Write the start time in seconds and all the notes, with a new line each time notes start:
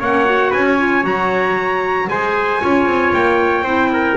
0.00 A#3 C#4 C#5 F#5
0.25 F#4
0.50 C#4 B4 G#5
0.66 C#5
0.78 F4
1.02 F#3 F#4 A#5
2.09 G#3 G#4 C5 G#5
2.60 C#4 F4 C#5
2.86 C4
3.13 A#3 G5
3.62 C4 E4 C5
3.93 A#4